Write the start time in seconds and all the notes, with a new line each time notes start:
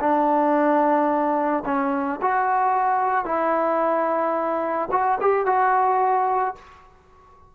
0.00 D4
1.66 C#4
2.22 F#4
3.25 E4
4.91 F#4
5.21 G4
5.46 F#4